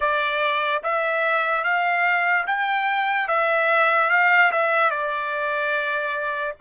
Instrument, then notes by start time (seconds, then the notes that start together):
trumpet
0.00 D5
0.83 E5
1.64 F5
2.47 G5
3.28 E5
4.09 F5
4.51 E5
4.90 D5